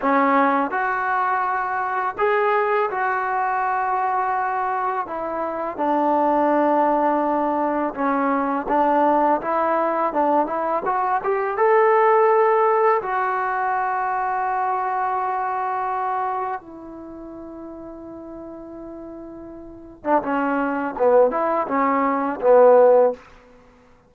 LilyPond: \new Staff \with { instrumentName = "trombone" } { \time 4/4 \tempo 4 = 83 cis'4 fis'2 gis'4 | fis'2. e'4 | d'2. cis'4 | d'4 e'4 d'8 e'8 fis'8 g'8 |
a'2 fis'2~ | fis'2. e'4~ | e'2.~ e'8. d'16 | cis'4 b8 e'8 cis'4 b4 | }